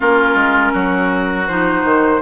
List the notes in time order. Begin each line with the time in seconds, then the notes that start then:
0.00 A#3 C#4 F4 A#4
0.34 G#3
0.73 F#3 F#4
1.47 F3 D#4 C5
1.84 D#3